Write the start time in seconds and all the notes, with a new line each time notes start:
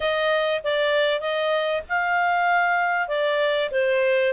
0.00 D#5
0.63 D5
1.20 D#5
1.88 F5
3.08 D5
3.71 C5